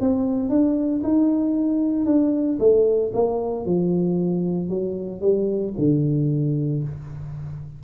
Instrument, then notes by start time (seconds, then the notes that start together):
tuba
0.00 C4
0.49 D4
1.03 D#4
2.06 D4
2.59 A3
3.13 A#3
3.65 F3
4.69 F#3
5.21 G3
5.78 D3